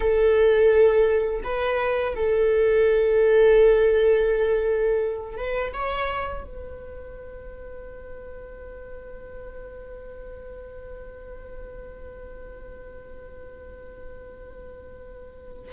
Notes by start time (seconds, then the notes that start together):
0.00 A4
1.43 B4
2.15 A4
5.37 B4
5.73 C#5
6.44 B4